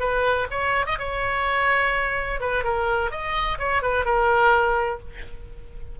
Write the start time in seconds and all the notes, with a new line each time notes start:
0.00 B4
0.51 C#5
0.86 D#5
0.99 C#5
2.41 B4
2.64 A#4
3.11 D#5
3.59 C#5
3.82 B4
4.05 A#4